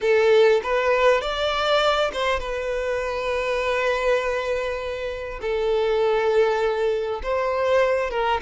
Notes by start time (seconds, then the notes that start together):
0.01 A4
0.63 B4
1.21 D5
2.12 C5
2.39 B4
5.41 A4
7.22 C5
8.10 A#4